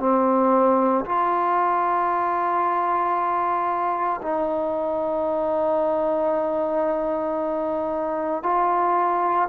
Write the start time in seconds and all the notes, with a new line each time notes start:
0.00 C4
1.05 F4
4.22 D#4
8.44 F4